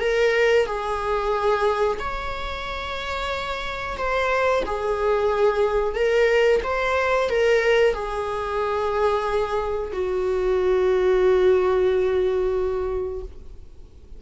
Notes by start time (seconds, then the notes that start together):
0.00 A#4
0.66 G#4
1.99 C#5
3.97 C5
4.65 G#4
5.95 A#4
6.63 C5
7.29 A#4
7.94 G#4
9.92 F#4